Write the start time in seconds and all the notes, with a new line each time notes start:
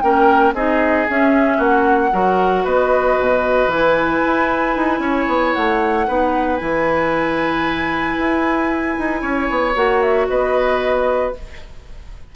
0.00 A#3 C#4 A#4 G5
0.53 C4 D#4 G#4 D#5
1.08 C#4 E5
1.57 A#3 F#4 F#5
2.12 F#3 F#4 A#4
2.64 B3 B4 D#5
3.19 B2
3.67 E3 E4 G#5
4.25 E4
4.76 D#4
4.99 C#4 C#5
5.27 B3
5.53 A3 F#5
6.06 B3 D#4 B4
6.57 E3 E4 G#5
8.18 E4
8.98 D#4
9.21 C#4 C#5
9.50 B3
9.75 A#3 F#4 F#5
10.01 E5
10.28 B3 B4 D#5